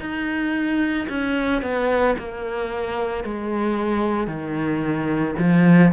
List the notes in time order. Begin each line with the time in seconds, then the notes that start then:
0.00 D#4
1.09 C#4
1.62 B3
2.18 A#3
3.24 G#3
4.27 D#3
5.38 F3